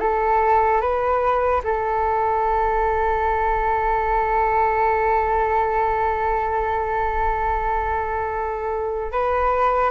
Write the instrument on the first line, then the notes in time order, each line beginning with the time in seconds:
flute
0.00 A4
0.81 B4
1.64 A4
9.12 B4